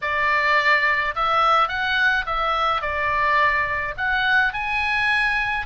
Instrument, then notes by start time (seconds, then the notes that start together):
oboe
0.01 D5
1.15 E5
1.68 F#5
2.26 E5
2.81 D5
3.97 F#5
4.53 G#5